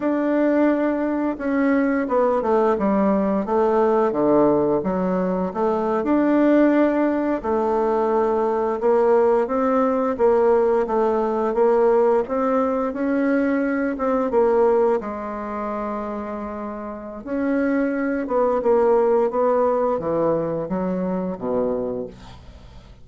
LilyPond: \new Staff \with { instrumentName = "bassoon" } { \time 4/4 \tempo 4 = 87 d'2 cis'4 b8 a8 | g4 a4 d4 fis4 | a8. d'2 a4~ a16~ | a8. ais4 c'4 ais4 a16~ |
a8. ais4 c'4 cis'4~ cis'16~ | cis'16 c'8 ais4 gis2~ gis16~ | gis4 cis'4. b8 ais4 | b4 e4 fis4 b,4 | }